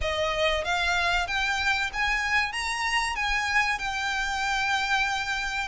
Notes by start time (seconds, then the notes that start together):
0.01 D#5
0.64 F5
1.27 G5
1.93 G#5
2.52 A#5
3.15 G#5
3.79 G5